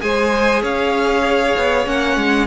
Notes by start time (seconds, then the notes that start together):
0.00 G#3 G#4 C5 G#5
0.62 C#4 C#5 F5
1.56 B3
1.85 A#3 C#4 F#5
2.16 G#3